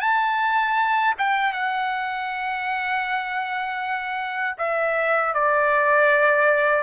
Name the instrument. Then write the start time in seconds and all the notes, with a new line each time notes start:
trumpet
0.00 A5
1.18 G5
1.52 F#5
4.58 E5
5.34 D5